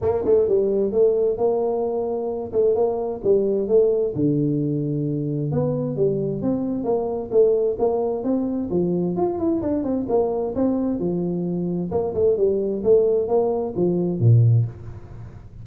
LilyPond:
\new Staff \with { instrumentName = "tuba" } { \time 4/4 \tempo 4 = 131 ais8 a8 g4 a4 ais4~ | ais4. a8 ais4 g4 | a4 d2. | b4 g4 c'4 ais4 |
a4 ais4 c'4 f4 | f'8 e'8 d'8 c'8 ais4 c'4 | f2 ais8 a8 g4 | a4 ais4 f4 ais,4 | }